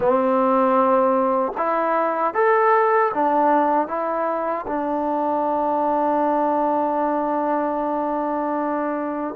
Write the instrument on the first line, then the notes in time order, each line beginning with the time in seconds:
trombone
0.00 C4
1.57 E4
2.34 A4
3.13 D4
3.87 E4
4.67 D4